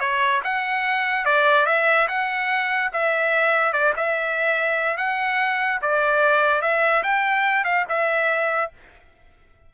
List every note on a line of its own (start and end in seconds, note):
0.00 0.41 C#5
0.44 1.25 F#5
1.25 1.66 D5
1.66 2.08 E5
2.08 2.91 F#5
2.93 3.73 E5
3.73 3.93 D5
3.96 4.97 E5
4.97 5.80 F#5
5.82 6.62 D5
6.62 7.03 E5
7.03 7.65 G5
7.65 7.85 F5
7.89 8.72 E5